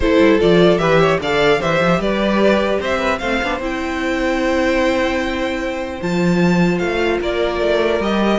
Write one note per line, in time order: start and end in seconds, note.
0.00 0.17 A3
0.00 0.39 E4
0.00 0.80 A4
0.00 0.40 C5
0.19 0.39 G3
0.39 0.77 F3
0.39 0.78 F4
0.39 0.78 D5
0.77 1.17 E3
0.77 1.18 G4
0.77 0.99 B4
0.77 1.18 E5
0.99 1.19 C#5
1.19 1.59 D3
1.19 1.58 A4
1.19 1.59 D5
1.19 1.61 F5
1.58 1.80 E3
1.58 3.18 G4
1.58 1.99 C5
1.58 2.01 E5
1.80 1.99 F3
1.99 2.79 G3
1.99 2.80 B4
1.99 2.81 D5
2.80 3.20 C4
2.80 2.98 C5
2.80 3.18 E5
2.98 3.18 B4
3.18 3.40 A3
3.18 3.42 C4
3.18 7.19 C5
3.18 3.58 F5
3.42 3.59 B3
3.42 3.60 D4
3.59 5.99 C4
3.59 6.00 E4
3.59 6.01 G5
6.01 6.80 F3
6.01 8.01 F4
6.01 6.78 A5
6.78 7.20 A3
6.78 7.18 F5
7.19 7.61 A#3
7.19 8.38 A#4
7.19 8.01 D5
7.61 8.00 A3
8.00 8.38 G3
8.00 8.38 G4
8.00 8.38 D#5